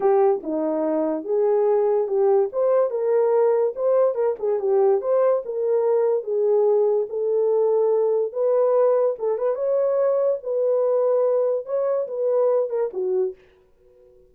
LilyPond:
\new Staff \with { instrumentName = "horn" } { \time 4/4 \tempo 4 = 144 g'4 dis'2 gis'4~ | gis'4 g'4 c''4 ais'4~ | ais'4 c''4 ais'8 gis'8 g'4 | c''4 ais'2 gis'4~ |
gis'4 a'2. | b'2 a'8 b'8 cis''4~ | cis''4 b'2. | cis''4 b'4. ais'8 fis'4 | }